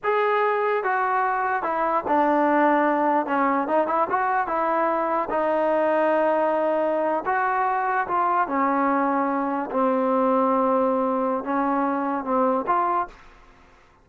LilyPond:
\new Staff \with { instrumentName = "trombone" } { \time 4/4 \tempo 4 = 147 gis'2 fis'2 | e'4 d'2. | cis'4 dis'8 e'8 fis'4 e'4~ | e'4 dis'2.~ |
dis'4.~ dis'16 fis'2 f'16~ | f'8. cis'2. c'16~ | c'1 | cis'2 c'4 f'4 | }